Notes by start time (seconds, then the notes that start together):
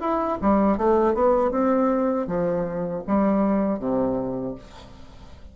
0.00 E4
0.41 G3
0.77 A3
1.14 B3
1.51 C4
2.27 F3
3.07 G3
3.79 C3